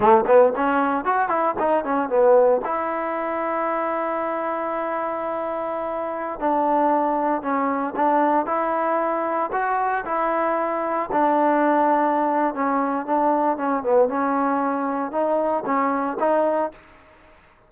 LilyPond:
\new Staff \with { instrumentName = "trombone" } { \time 4/4 \tempo 4 = 115 a8 b8 cis'4 fis'8 e'8 dis'8 cis'8 | b4 e'2.~ | e'1~ | e'16 d'2 cis'4 d'8.~ |
d'16 e'2 fis'4 e'8.~ | e'4~ e'16 d'2~ d'8. | cis'4 d'4 cis'8 b8 cis'4~ | cis'4 dis'4 cis'4 dis'4 | }